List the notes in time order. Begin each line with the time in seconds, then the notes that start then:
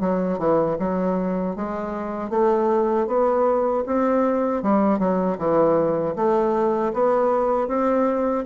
0.00 F#3
0.38 E3
0.79 F#3
1.56 G#3
2.30 A3
3.07 B3
3.86 C4
4.62 G3
4.99 F#3
5.38 E3
6.16 A3
6.93 B3
7.67 C4